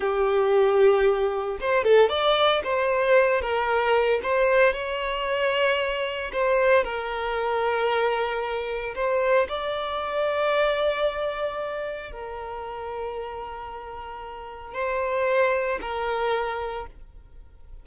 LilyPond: \new Staff \with { instrumentName = "violin" } { \time 4/4 \tempo 4 = 114 g'2. c''8 a'8 | d''4 c''4. ais'4. | c''4 cis''2. | c''4 ais'2.~ |
ais'4 c''4 d''2~ | d''2. ais'4~ | ais'1 | c''2 ais'2 | }